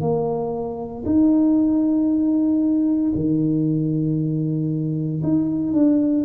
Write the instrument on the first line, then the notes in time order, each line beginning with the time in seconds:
tuba
0.00 A#3
1.05 D#4
3.15 D#3
5.22 D#4
5.72 D4